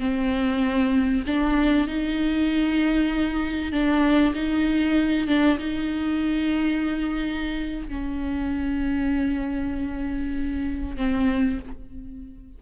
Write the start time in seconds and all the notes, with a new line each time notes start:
0.00 C4
1.27 D4
1.88 D#4
3.72 D4
4.35 D#4
5.27 D4
5.59 D#4
7.88 C#4
10.97 C4